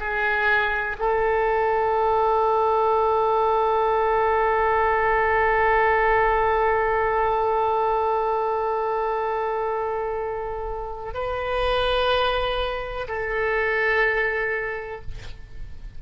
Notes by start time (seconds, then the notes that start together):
0.00 G#4
0.99 A4
11.14 B4
13.08 A4